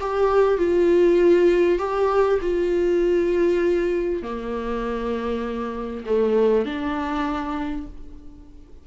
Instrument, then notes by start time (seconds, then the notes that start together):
viola
0.00 G4
0.57 F4
1.79 G4
2.41 F4
4.23 A#3
6.06 A3
6.65 D4